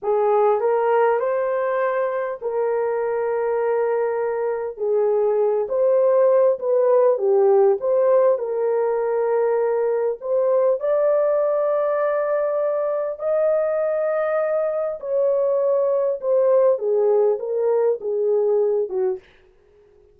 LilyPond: \new Staff \with { instrumentName = "horn" } { \time 4/4 \tempo 4 = 100 gis'4 ais'4 c''2 | ais'1 | gis'4. c''4. b'4 | g'4 c''4 ais'2~ |
ais'4 c''4 d''2~ | d''2 dis''2~ | dis''4 cis''2 c''4 | gis'4 ais'4 gis'4. fis'8 | }